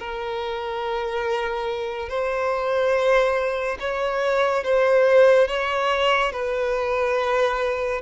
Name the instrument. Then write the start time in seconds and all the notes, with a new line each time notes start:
violin
0.00 A#4
2.09 C5
3.80 C#5
4.64 C5
5.48 C#5
6.33 B4